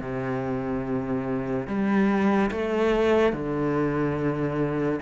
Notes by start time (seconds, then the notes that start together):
0.00 C3
1.67 G3
2.51 A3
3.33 D3